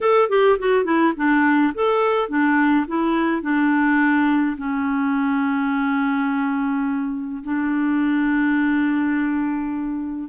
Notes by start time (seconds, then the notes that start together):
0.01 A4
0.29 G4
0.58 F#4
0.84 E4
1.16 D4
1.74 A4
2.28 D4
2.87 E4
3.42 D4
4.57 C#4
7.43 D4